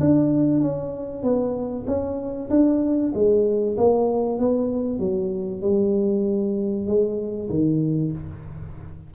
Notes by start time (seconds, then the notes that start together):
0.00 D4
0.61 C#4
1.23 B3
1.87 C#4
2.50 D4
3.14 G#3
3.77 A#3
4.39 B3
4.99 F#3
5.62 G3
6.87 G#3
7.50 D#3